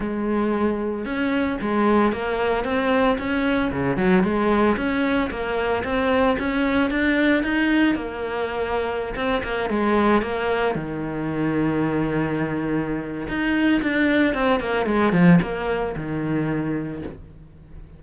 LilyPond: \new Staff \with { instrumentName = "cello" } { \time 4/4 \tempo 4 = 113 gis2 cis'4 gis4 | ais4 c'4 cis'4 cis8 fis8 | gis4 cis'4 ais4 c'4 | cis'4 d'4 dis'4 ais4~ |
ais4~ ais16 c'8 ais8 gis4 ais8.~ | ais16 dis2.~ dis8.~ | dis4 dis'4 d'4 c'8 ais8 | gis8 f8 ais4 dis2 | }